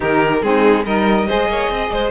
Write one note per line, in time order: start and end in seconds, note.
0.00 0.42 D#3
0.00 0.40 D#4
0.00 0.43 G4
0.00 0.42 A#4
0.42 0.85 G#3
0.42 0.85 C4
0.42 0.85 D#4
0.42 0.84 G#4
0.85 1.27 G3
0.85 1.27 D#4
0.85 1.27 A#4
0.85 2.10 D#5
1.27 1.47 G#3
1.27 2.10 G#4
1.27 1.48 C5
1.47 1.68 A#3
1.47 1.71 C#5
1.69 1.90 C4
1.69 1.92 D#5
1.91 2.10 G#3
1.91 2.10 C5